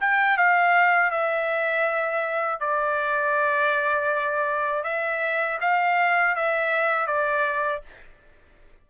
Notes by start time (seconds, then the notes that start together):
0.00 G5
0.37 F5
1.10 E5
2.60 D5
4.83 E5
5.60 F5
6.35 E5
7.07 D5